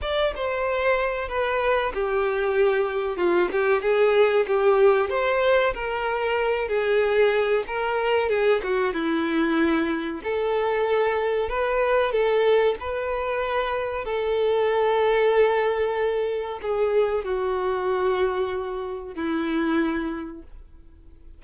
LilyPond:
\new Staff \with { instrumentName = "violin" } { \time 4/4 \tempo 4 = 94 d''8 c''4. b'4 g'4~ | g'4 f'8 g'8 gis'4 g'4 | c''4 ais'4. gis'4. | ais'4 gis'8 fis'8 e'2 |
a'2 b'4 a'4 | b'2 a'2~ | a'2 gis'4 fis'4~ | fis'2 e'2 | }